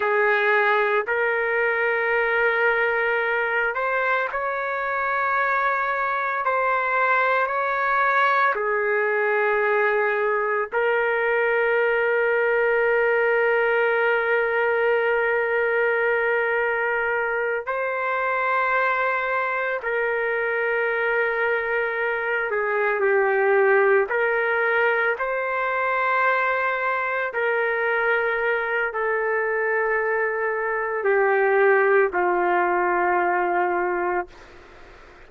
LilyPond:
\new Staff \with { instrumentName = "trumpet" } { \time 4/4 \tempo 4 = 56 gis'4 ais'2~ ais'8 c''8 | cis''2 c''4 cis''4 | gis'2 ais'2~ | ais'1~ |
ais'8 c''2 ais'4.~ | ais'4 gis'8 g'4 ais'4 c''8~ | c''4. ais'4. a'4~ | a'4 g'4 f'2 | }